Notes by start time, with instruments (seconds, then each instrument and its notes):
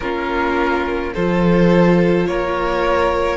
0.00 cello A#3, viola C#4, violin F4 A#4
1.13 cello F3, viola F4, violin A4 C5
2.26 cello A#3, violin A#4 C#5